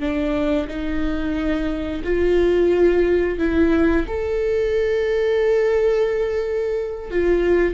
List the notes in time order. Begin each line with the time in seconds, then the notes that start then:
0.00 D4
0.68 D#4
2.04 F4
3.39 E4
4.08 A4
7.11 F4